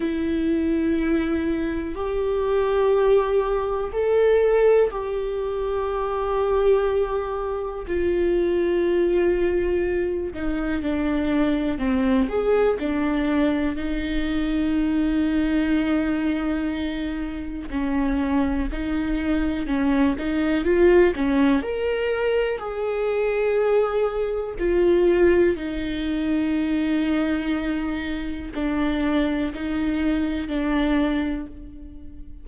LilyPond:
\new Staff \with { instrumentName = "viola" } { \time 4/4 \tempo 4 = 61 e'2 g'2 | a'4 g'2. | f'2~ f'8 dis'8 d'4 | c'8 gis'8 d'4 dis'2~ |
dis'2 cis'4 dis'4 | cis'8 dis'8 f'8 cis'8 ais'4 gis'4~ | gis'4 f'4 dis'2~ | dis'4 d'4 dis'4 d'4 | }